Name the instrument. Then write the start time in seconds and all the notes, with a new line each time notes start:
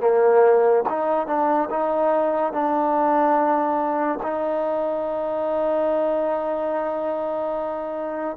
trombone
0.00 A#3
0.89 D#4
1.27 D4
1.70 D#4
2.53 D4
4.23 D#4